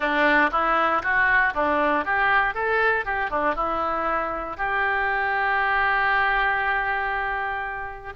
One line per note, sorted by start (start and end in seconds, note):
0.00 0.50 D4
0.51 1.02 E4
1.02 1.53 F#4
1.54 2.04 D4
2.04 2.54 G4
2.54 3.05 A4
3.05 3.30 G4
3.30 3.55 D4
3.55 4.57 E4
4.57 8.13 G4